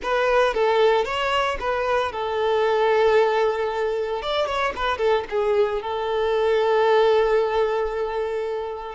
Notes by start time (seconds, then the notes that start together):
0.02 B4
0.54 A4
1.05 C#5
1.59 B4
2.11 A4
4.22 D5
4.46 C#5
4.75 B4
4.97 A4
5.29 G#4
5.82 A4